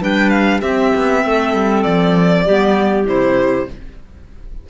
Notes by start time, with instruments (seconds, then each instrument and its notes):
0.00 cello G3, clarinet D4 B4, violin G5
0.29 violin F5
0.60 cello C4, clarinet C4 G4, violin E5
0.95 cello B3
1.25 cello A3, clarinet A4
1.53 cello G3
1.83 cello F3, violin D5
2.45 cello G3, clarinet B3 G4
3.05 cello C3, clarinet E4, violin C5